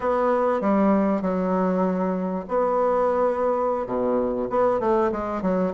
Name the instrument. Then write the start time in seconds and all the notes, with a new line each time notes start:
bassoon
0.00 B3
0.60 G3
1.21 F#3
2.48 B3
3.86 B2
4.50 B3
4.80 A3
5.12 G#3
5.42 F#3